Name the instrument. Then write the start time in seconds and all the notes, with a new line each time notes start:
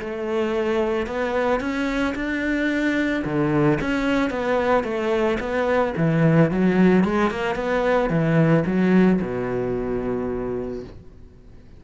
cello
0.00 A3
1.07 B3
1.60 C#4
2.15 D4
3.25 D3
3.81 C#4
4.30 B3
4.84 A3
5.40 B3
5.97 E3
6.51 F#3
7.04 G#3
7.31 A#3
7.56 B3
8.10 E3
8.66 F#3
9.22 B2